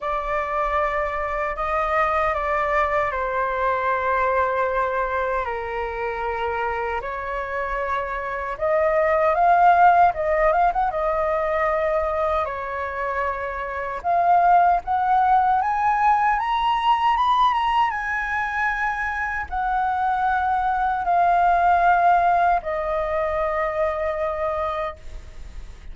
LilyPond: \new Staff \with { instrumentName = "flute" } { \time 4/4 \tempo 4 = 77 d''2 dis''4 d''4 | c''2. ais'4~ | ais'4 cis''2 dis''4 | f''4 dis''8 f''16 fis''16 dis''2 |
cis''2 f''4 fis''4 | gis''4 ais''4 b''8 ais''8 gis''4~ | gis''4 fis''2 f''4~ | f''4 dis''2. | }